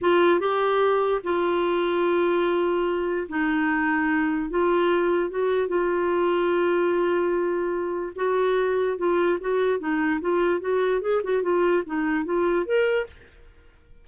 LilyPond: \new Staff \with { instrumentName = "clarinet" } { \time 4/4 \tempo 4 = 147 f'4 g'2 f'4~ | f'1 | dis'2. f'4~ | f'4 fis'4 f'2~ |
f'1 | fis'2 f'4 fis'4 | dis'4 f'4 fis'4 gis'8 fis'8 | f'4 dis'4 f'4 ais'4 | }